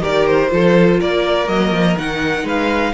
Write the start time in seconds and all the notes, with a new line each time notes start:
0.00 D#3 G4 A#4 D5
0.27 C5
0.49 F3 F4 A4
1.00 A#3 A#4 D5
1.48 F#3 A#3 D#5
1.71 F3
1.97 D#3 D#4 F#5
2.43 G#3 B4 F5